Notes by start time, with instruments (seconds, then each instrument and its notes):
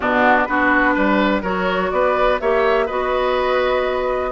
0.00 bassoon B2, clarinet B3, oboe D4, flute F#4
0.44 bassoon B3, clarinet D4, oboe F#4, flute B4
0.94 bassoon G3, oboe B4
1.42 bassoon F#3, clarinet F#4, oboe A#4, flute C#5
1.91 bassoon B3, oboe B4, flute D5
2.40 bassoon A#3, clarinet G4, oboe C#5, flute E5
2.86 bassoon B3, clarinet F#4, oboe B4, flute D#5